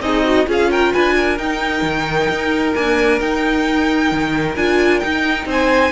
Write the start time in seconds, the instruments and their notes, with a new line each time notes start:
0.00 cello C4, violin D#4 D#5, viola G#4
0.24 viola F#4
0.46 cello C#4, viola F4, violin G#4 F5
0.70 violin A#4 G5
0.92 cello D4, violin B4 G#5
1.15 violin A#4
1.37 cello D#4, viola D#4, violin G5
1.82 cello D#3
2.29 cello D#4
2.74 viola A#3, cello D4, violin G#5
3.20 cello D#4, viola D#4, violin G5
4.11 cello D#3
4.56 cello D4, viola F4, violin G#5
4.99 viola D#4, cello D#4, violin G5
5.45 cello C4, violin C5 G#5